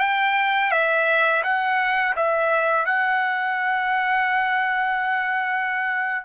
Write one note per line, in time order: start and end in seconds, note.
0.00 0.71 G5
0.71 1.43 E5
1.44 2.15 F#5
2.16 2.86 E5
2.86 6.25 F#5